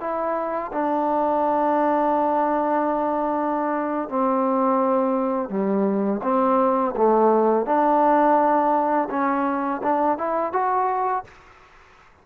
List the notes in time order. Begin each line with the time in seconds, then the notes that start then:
0.00 E4
0.72 D4
4.09 C4
5.49 G3
6.23 C4
6.96 A3
7.66 D4
9.10 C#4
9.83 D4
10.18 E4
10.53 F#4